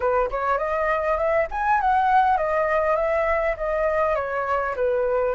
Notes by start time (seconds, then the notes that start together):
0.00 B4
0.30 C#5
0.58 D#5
1.17 E5
1.51 G#5
1.80 F#5
2.37 D#5
2.96 E5
3.56 D#5
4.15 C#5
4.76 B4